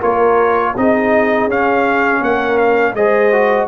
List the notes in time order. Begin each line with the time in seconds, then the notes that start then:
0.00 A#3 F4 A#4 C#5
0.77 C4 D#4 G#4 D#5
1.47 C#4 F5
2.21 A#3 A#4 F#5
2.58 F5
2.94 G#3 G#4 C5 D#5
3.32 F#4